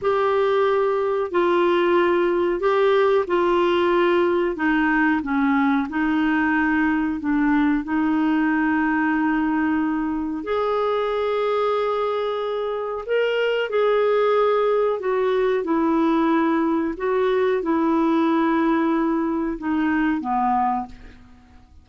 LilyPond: \new Staff \with { instrumentName = "clarinet" } { \time 4/4 \tempo 4 = 92 g'2 f'2 | g'4 f'2 dis'4 | cis'4 dis'2 d'4 | dis'1 |
gis'1 | ais'4 gis'2 fis'4 | e'2 fis'4 e'4~ | e'2 dis'4 b4 | }